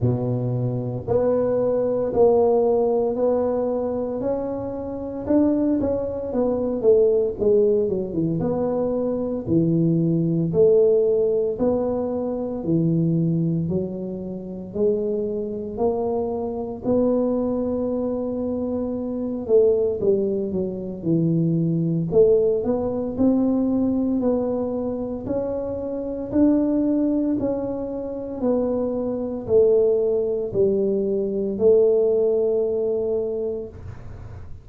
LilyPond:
\new Staff \with { instrumentName = "tuba" } { \time 4/4 \tempo 4 = 57 b,4 b4 ais4 b4 | cis'4 d'8 cis'8 b8 a8 gis8 fis16 e16 | b4 e4 a4 b4 | e4 fis4 gis4 ais4 |
b2~ b8 a8 g8 fis8 | e4 a8 b8 c'4 b4 | cis'4 d'4 cis'4 b4 | a4 g4 a2 | }